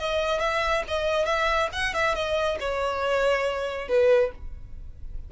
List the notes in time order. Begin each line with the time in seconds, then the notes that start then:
0.00 D#5
0.41 E5
0.88 D#5
1.26 E5
1.73 F#5
1.94 E5
2.15 D#5
2.60 C#5
3.89 B4